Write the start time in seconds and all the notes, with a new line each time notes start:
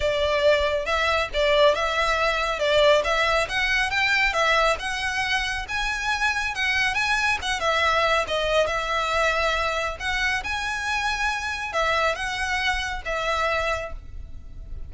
0.00 D5
0.85 E5
1.33 D5
1.75 E5
2.59 D5
3.04 E5
3.49 F#5
3.90 G5
4.33 E5
4.79 F#5
5.68 G#5
6.54 F#5
6.94 G#5
7.42 F#5
7.59 E5
8.27 D#5
8.66 E5
9.99 F#5
10.43 G#5
11.73 E5
12.15 F#5
13.05 E5